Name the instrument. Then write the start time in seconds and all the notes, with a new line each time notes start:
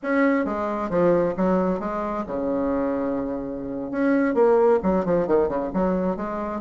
bassoon
0.02 C#4
0.45 G#3
0.89 F3
1.37 F#3
1.79 G#3
2.26 C#3
3.91 C#4
4.34 A#3
4.82 F#3
5.05 F3
5.27 D#3
5.48 C#3
5.73 F#3
6.16 G#3